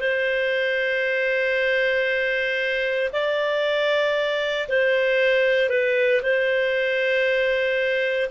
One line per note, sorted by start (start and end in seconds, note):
0.00 3.10 C5
3.13 4.68 D5
4.69 5.69 C5
5.69 6.21 B4
6.23 8.29 C5